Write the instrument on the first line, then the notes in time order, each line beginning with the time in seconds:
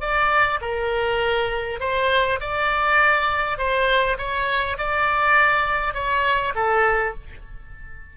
oboe
0.00 D5
0.61 A#4
1.80 C5
2.40 D5
3.58 C5
4.17 C#5
4.78 D5
5.94 C#5
6.55 A4